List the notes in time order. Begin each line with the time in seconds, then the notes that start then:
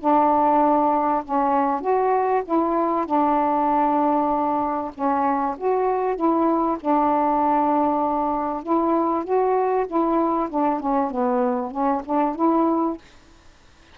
0.00 D4
1.24 C#4
1.81 F#4
2.45 E4
3.06 D4
4.94 C#4
5.58 F#4
6.16 E4
6.80 D4
8.63 E4
9.24 F#4
9.87 E4
10.50 D4
10.80 C#4
11.11 B3
11.71 C#4
12.05 D4
12.36 E4